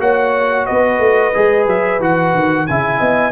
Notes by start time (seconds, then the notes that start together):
0.00 A#3 F#4 C#5 F#5
0.66 B3 B4 D#5
0.99 A3
1.34 G#3 G#4
1.67 F#3 E5
2.00 E3 F#4 F#5
2.35 D#3
2.67 C#3 E4 E5 G#5
2.99 B3 D#5